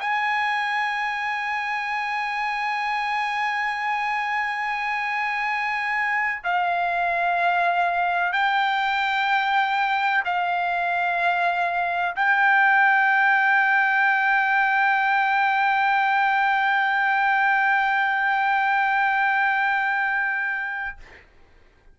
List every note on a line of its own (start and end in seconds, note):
0.00 6.43 G#5
6.44 8.33 F5
8.33 10.23 G5
10.25 12.16 F5
12.16 20.97 G5